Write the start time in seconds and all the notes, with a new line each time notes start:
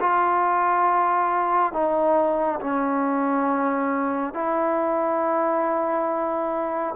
0.00 F4
1.73 D#4
2.60 C#4
4.34 E4